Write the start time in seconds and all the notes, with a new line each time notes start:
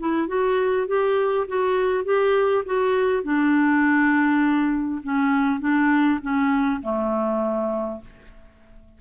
0.00 E4
0.28 F#4
0.88 G4
1.48 F#4
2.05 G4
2.66 F#4
3.24 D4
5.04 C#4
5.61 D4
6.22 C#4
6.82 A3